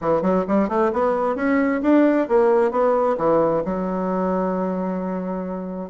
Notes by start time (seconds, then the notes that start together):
0.01 E3
0.22 F#3
0.47 G3
0.68 A3
0.92 B3
1.35 C#4
1.82 D4
2.28 A#3
2.71 B3
3.17 E3
3.64 F#3